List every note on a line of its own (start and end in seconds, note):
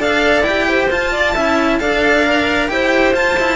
0.00 0.42 D4
0.00 0.45 A4
0.00 0.68 D5
0.00 0.43 F5
0.42 0.87 E4
0.42 0.91 G4
0.42 0.88 G5
0.69 1.13 C5
0.91 1.35 F4
0.91 1.36 F4
0.91 1.80 A5
1.13 1.34 D5
1.34 1.81 C#4
1.34 1.80 E4
1.34 1.79 E5
1.80 2.71 D4
1.80 2.25 A4
1.80 2.71 D5
1.80 2.69 F5
2.25 2.69 A#4
2.69 3.14 E4
2.69 3.14 G4
2.69 3.57 C5
2.69 3.14 G5
3.14 3.57 F4
3.14 3.37 F4
3.14 3.57 A5
3.40 3.57 E4